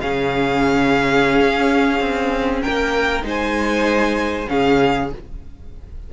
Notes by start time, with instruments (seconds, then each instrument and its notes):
0.00 cello C#3, viola C#4, violin G#4 F5
1.41 cello C#4
2.00 cello C4
2.62 cello A#3, violin A#4 G5
3.22 cello G#3, viola D#4, violin C5
3.28 violin G#5
4.47 cello C#3, viola C#4, violin G#4 F5